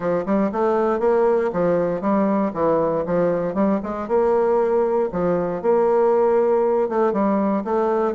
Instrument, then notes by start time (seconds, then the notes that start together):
bassoon
0.00 F3
0.25 G3
0.52 A3
0.99 A#3
1.53 F3
2.01 G3
2.53 E3
3.06 F3
3.54 G3
3.83 G#3
4.07 A#3
5.12 F3
5.61 A#3
6.88 A3
7.13 G3
7.64 A3